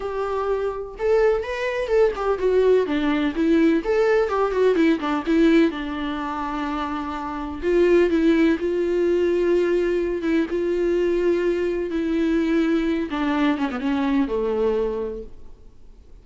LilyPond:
\new Staff \with { instrumentName = "viola" } { \time 4/4 \tempo 4 = 126 g'2 a'4 b'4 | a'8 g'8 fis'4 d'4 e'4 | a'4 g'8 fis'8 e'8 d'8 e'4 | d'1 |
f'4 e'4 f'2~ | f'4. e'8 f'2~ | f'4 e'2~ e'8 d'8~ | d'8 cis'16 b16 cis'4 a2 | }